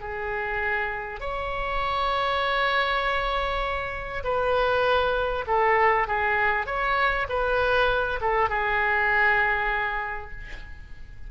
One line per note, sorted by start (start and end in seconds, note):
0.00 1.20 G#4
1.20 4.23 C#5
4.23 5.45 B4
5.47 6.07 A4
6.07 6.66 G#4
6.66 7.27 C#5
7.29 8.20 B4
8.21 8.49 A4
8.49 10.31 G#4